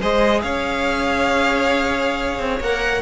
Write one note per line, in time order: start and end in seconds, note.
0.00 0.44 G#3
0.00 2.61 G#4
0.00 0.42 C5
0.00 0.42 D#5
0.42 2.39 C#4
0.42 3.02 C#5
0.42 2.60 F5
2.39 2.60 C4
2.60 3.02 A#3
2.60 3.02 A#4
2.60 3.02 F#5